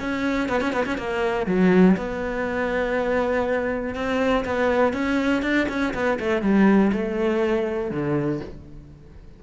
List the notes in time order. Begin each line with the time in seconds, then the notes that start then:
0.00 C#4
0.49 B3
0.61 C#4
0.73 B3
0.86 C#4
0.98 A#3
1.47 F#3
1.97 B3
3.95 C4
4.45 B3
4.93 C#4
5.43 D4
5.69 C#4
5.94 B3
6.20 A3
6.42 G3
6.92 A3
7.91 D3